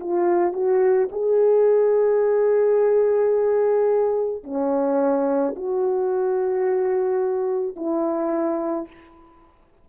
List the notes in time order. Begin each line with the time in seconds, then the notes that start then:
0.00 F4
0.53 F#4
1.12 G#4
4.43 C#4
5.56 F#4
7.76 E4